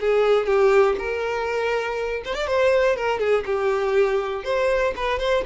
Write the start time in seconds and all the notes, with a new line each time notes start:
0.00 G#4
0.46 G4
0.98 A#4
2.25 C5
2.34 D5
2.47 C5
2.96 A#4
3.19 G#4
3.46 G4
4.44 C5
4.96 B4
5.19 C5